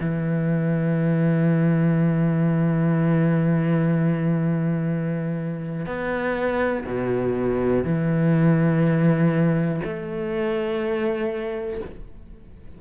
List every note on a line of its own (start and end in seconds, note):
0.00 5.86 E3
5.86 6.84 B3
6.86 7.84 B2
7.84 9.80 E3
9.84 11.80 A3